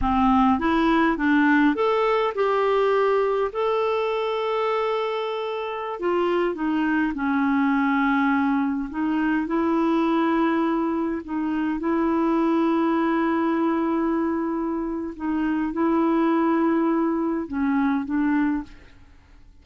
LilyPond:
\new Staff \with { instrumentName = "clarinet" } { \time 4/4 \tempo 4 = 103 c'4 e'4 d'4 a'4 | g'2 a'2~ | a'2~ a'16 f'4 dis'8.~ | dis'16 cis'2. dis'8.~ |
dis'16 e'2. dis'8.~ | dis'16 e'2.~ e'8.~ | e'2 dis'4 e'4~ | e'2 cis'4 d'4 | }